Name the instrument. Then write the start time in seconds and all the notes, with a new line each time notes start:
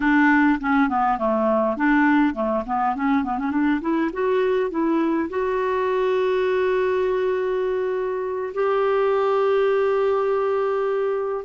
clarinet
0.00 D4
0.60 C#4
0.89 B3
1.18 A3
1.76 D4
2.34 A3
2.66 B3
2.95 C#4
3.24 B3
3.38 C#4
3.51 D4
3.81 E4
4.12 F#4
4.70 E4
5.29 F#4
8.54 G4